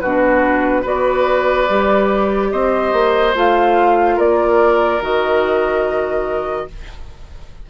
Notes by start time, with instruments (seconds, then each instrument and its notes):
0.00 bassoon B2, clarinet D4, oboe F#4, flute B4
0.82 bassoon B3, clarinet F#4, oboe B4, flute D5
1.69 bassoon G3, clarinet G4
2.51 bassoon C4, oboe C5, flute D#5
2.93 bassoon A#3
3.34 bassoon A3, clarinet F4, flute F5
4.15 bassoon A#3, oboe A#4, flute D5
5.01 bassoon D#3, clarinet F#4, flute D#5